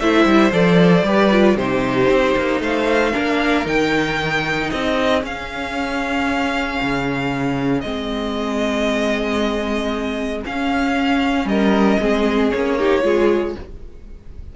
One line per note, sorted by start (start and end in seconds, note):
0.00 0.26 A3
0.00 0.52 E4
0.00 1.06 C5
0.00 0.52 E5
0.26 0.52 G3
0.52 1.03 F3
0.52 1.04 A4
0.52 1.57 D5
1.03 1.55 G3
1.03 1.30 G4
1.03 1.57 B4
1.32 1.58 F4
1.57 2.09 C3
1.57 3.13 D#4
1.57 2.62 G4
1.57 2.62 C5
2.09 2.36 C4
2.37 2.60 A#3
2.60 3.13 A3
2.60 3.13 C5
2.60 3.67 F5
3.13 3.66 A#3
3.13 3.65 D4
3.13 4.68 A#4
3.65 4.71 D#3
3.65 5.22 D#4
3.65 4.70 G5
4.68 5.24 C4
4.68 11.47 G#4
4.68 5.23 D#5
5.22 7.83 C#4
5.22 6.81 C#4
5.22 7.81 F5
6.82 7.84 C#3
7.81 10.45 G#3
7.81 10.44 C4
7.81 10.42 D#5
10.44 12.01 C#4
10.44 11.45 C#4
10.44 11.48 F5
11.45 11.97 G3
11.45 12.01 A#4
11.45 12.51 D#5
12.00 12.52 G#3
12.00 12.53 C4
12.00 12.78 G#4
12.51 13.04 A#3
12.51 12.79 C#4
12.51 13.56 C#5
12.78 13.03 D#4
12.78 13.04 G4
13.03 13.56 G#3
13.03 13.55 F4
13.03 13.57 G#4